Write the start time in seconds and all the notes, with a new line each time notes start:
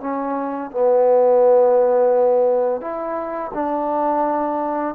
0.00 C#4
0.71 B3
2.81 E4
3.54 D4